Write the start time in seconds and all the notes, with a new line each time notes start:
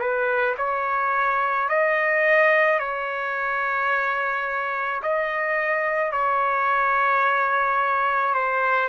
0.00 B4
0.58 C#5
1.69 D#5
2.80 C#5
5.03 D#5
6.13 C#5
8.35 C5